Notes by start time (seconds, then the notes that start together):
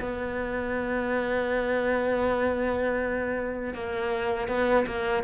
0.00 B3
3.74 A#3
4.48 B3
4.86 A#3